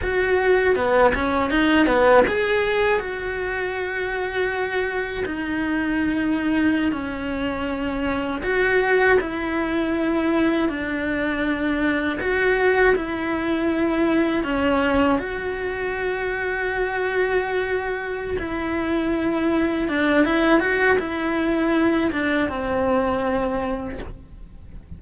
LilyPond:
\new Staff \with { instrumentName = "cello" } { \time 4/4 \tempo 4 = 80 fis'4 b8 cis'8 dis'8 b8 gis'4 | fis'2. dis'4~ | dis'4~ dis'16 cis'2 fis'8.~ | fis'16 e'2 d'4.~ d'16~ |
d'16 fis'4 e'2 cis'8.~ | cis'16 fis'2.~ fis'8.~ | fis'8 e'2 d'8 e'8 fis'8 | e'4. d'8 c'2 | }